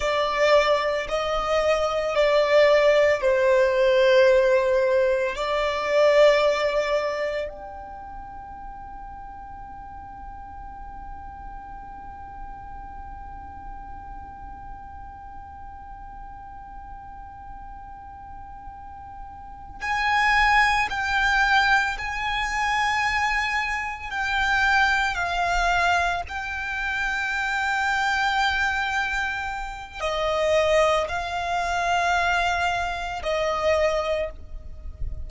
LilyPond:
\new Staff \with { instrumentName = "violin" } { \time 4/4 \tempo 4 = 56 d''4 dis''4 d''4 c''4~ | c''4 d''2 g''4~ | g''1~ | g''1~ |
g''2~ g''8 gis''4 g''8~ | g''8 gis''2 g''4 f''8~ | f''8 g''2.~ g''8 | dis''4 f''2 dis''4 | }